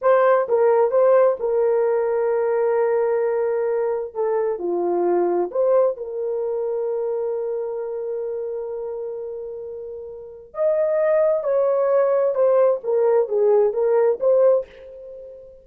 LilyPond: \new Staff \with { instrumentName = "horn" } { \time 4/4 \tempo 4 = 131 c''4 ais'4 c''4 ais'4~ | ais'1~ | ais'4 a'4 f'2 | c''4 ais'2.~ |
ais'1~ | ais'2. dis''4~ | dis''4 cis''2 c''4 | ais'4 gis'4 ais'4 c''4 | }